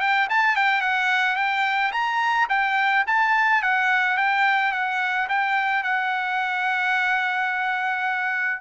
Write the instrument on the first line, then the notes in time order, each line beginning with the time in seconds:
trumpet
0.00 G5
0.30 A5
0.56 G5
0.81 F#5
1.36 G5
1.92 A#5
2.49 G5
3.07 A5
3.63 F#5
4.17 G5
4.72 F#5
5.29 G5
5.83 F#5